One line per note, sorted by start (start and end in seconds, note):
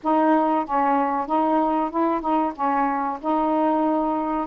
0.03 0.65 D#4
0.65 1.26 C#4
1.26 1.90 D#4
1.90 2.21 E4
2.21 2.52 D#4
2.55 3.19 C#4
3.21 4.47 D#4